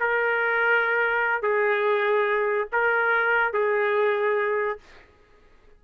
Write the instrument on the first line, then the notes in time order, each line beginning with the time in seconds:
trumpet
0.00 A#4
1.42 G#4
2.72 A#4
3.53 G#4